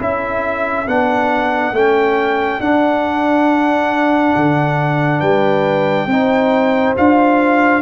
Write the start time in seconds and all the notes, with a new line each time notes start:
0.00 C#4 E4 A4 E5
0.87 B3 D4 F#5
1.72 A3 C#4 G5
2.60 D4 F#5
4.37 D3
5.20 G3 B4 G5
6.07 C4 D#4 C5
6.97 D4 F4 F5